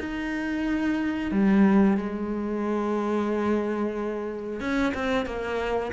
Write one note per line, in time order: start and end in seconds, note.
0.00 1.32 D#4
1.32 1.97 G3
1.97 4.60 G#3
4.60 4.93 C#4
4.95 5.26 C4
5.26 5.92 A#3